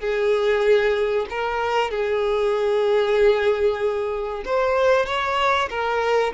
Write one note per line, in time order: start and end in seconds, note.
0.00 1.26 G#4
1.30 1.91 A#4
1.91 4.43 G#4
4.45 5.06 C5
5.06 5.69 C#5
5.70 6.33 A#4